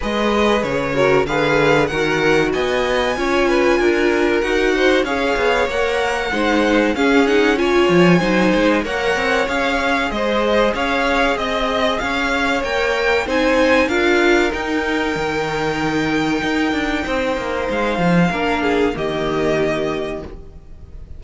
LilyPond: <<
  \new Staff \with { instrumentName = "violin" } { \time 4/4 \tempo 4 = 95 dis''4 cis''4 f''4 fis''4 | gis''2. fis''4 | f''4 fis''2 f''8 fis''8 | gis''2 fis''4 f''4 |
dis''4 f''4 dis''4 f''4 | g''4 gis''4 f''4 g''4~ | g''1 | f''2 dis''2 | }
  \new Staff \with { instrumentName = "violin" } { \time 4/4 b'4. ais'8 b'4 ais'4 | dis''4 cis''8 b'8 ais'4. c''8 | cis''2 c''4 gis'4 | cis''4 c''4 cis''2 |
c''4 cis''4 dis''4 cis''4~ | cis''4 c''4 ais'2~ | ais'2. c''4~ | c''4 ais'8 gis'8 g'2 | }
  \new Staff \with { instrumentName = "viola" } { \time 4/4 gis'4. fis'8 gis'4 fis'4~ | fis'4 f'2 fis'4 | gis'4 ais'4 dis'4 cis'8 dis'8 | f'4 dis'4 ais'4 gis'4~ |
gis'1 | ais'4 dis'4 f'4 dis'4~ | dis'1~ | dis'4 d'4 ais2 | }
  \new Staff \with { instrumentName = "cello" } { \time 4/4 gis4 cis4 d4 dis4 | b4 cis'4 d'4 dis'4 | cis'8 b8 ais4 gis4 cis'4~ | cis'8 f8 fis8 gis8 ais8 c'8 cis'4 |
gis4 cis'4 c'4 cis'4 | ais4 c'4 d'4 dis'4 | dis2 dis'8 d'8 c'8 ais8 | gis8 f8 ais4 dis2 | }
>>